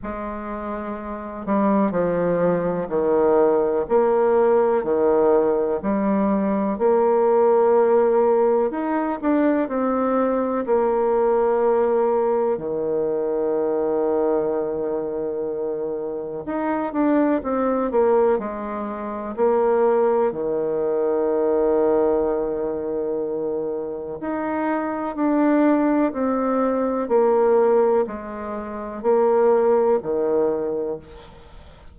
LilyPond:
\new Staff \with { instrumentName = "bassoon" } { \time 4/4 \tempo 4 = 62 gis4. g8 f4 dis4 | ais4 dis4 g4 ais4~ | ais4 dis'8 d'8 c'4 ais4~ | ais4 dis2.~ |
dis4 dis'8 d'8 c'8 ais8 gis4 | ais4 dis2.~ | dis4 dis'4 d'4 c'4 | ais4 gis4 ais4 dis4 | }